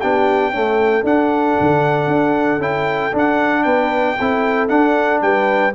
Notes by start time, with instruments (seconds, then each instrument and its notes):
0.00 tuba B3, trombone D4, horn G4, trumpet G5
0.51 trombone A3, tuba C#4, horn A4
1.04 tuba D4, trombone D4, trumpet F#5
1.61 tuba D3
2.08 tuba D4
2.59 tuba C#4, trombone E4, trumpet G5
3.13 trombone D4, tuba D4, trumpet F#5
3.64 tuba B3, horn B4, trumpet G5
4.19 tuba C4, trombone E4, horn A4
4.69 trombone D4, tuba D4, trumpet F#5
5.22 tuba G3, horn B4, trumpet G5